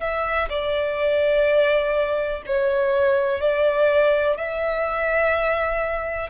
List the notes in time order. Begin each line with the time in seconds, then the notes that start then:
0.00 E5
0.49 D5
2.46 C#5
3.40 D5
4.37 E5